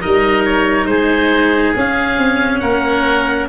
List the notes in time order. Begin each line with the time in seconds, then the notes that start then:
0.00 G3 D#4 A#4 D#5
0.45 C#5
0.85 G#3 G#4 C5
1.76 C#4 F5
2.18 C4
2.59 A#3 A#4 F#5